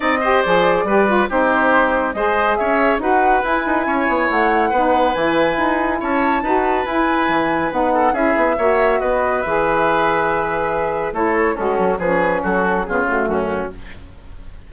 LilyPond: <<
  \new Staff \with { instrumentName = "flute" } { \time 4/4 \tempo 4 = 140 dis''4 d''2 c''4~ | c''4 dis''4 e''4 fis''4 | gis''2 fis''2 | gis''2 a''2 |
gis''2 fis''4 e''4~ | e''4 dis''4 e''2~ | e''2 cis''4 a'4 | b'4 a'4 gis'8 fis'4. | }
  \new Staff \with { instrumentName = "oboe" } { \time 4/4 d''8 c''4. b'4 g'4~ | g'4 c''4 cis''4 b'4~ | b'4 cis''2 b'4~ | b'2 cis''4 b'4~ |
b'2~ b'8 a'8 gis'4 | cis''4 b'2.~ | b'2 a'4 cis'4 | gis'4 fis'4 f'4 cis'4 | }
  \new Staff \with { instrumentName = "saxophone" } { \time 4/4 dis'8 g'8 gis'4 g'8 f'8 dis'4~ | dis'4 gis'2 fis'4 | e'2. dis'4 | e'2. fis'4 |
e'2 dis'4 e'4 | fis'2 gis'2~ | gis'2 e'4 fis'4 | cis'2 b8 a4. | }
  \new Staff \with { instrumentName = "bassoon" } { \time 4/4 c'4 f4 g4 c'4~ | c'4 gis4 cis'4 dis'4 | e'8 dis'8 cis'8 b8 a4 b4 | e4 dis'4 cis'4 dis'4 |
e'4 e4 b4 cis'8 b8 | ais4 b4 e2~ | e2 a4 gis8 fis8 | f4 fis4 cis4 fis,4 | }
>>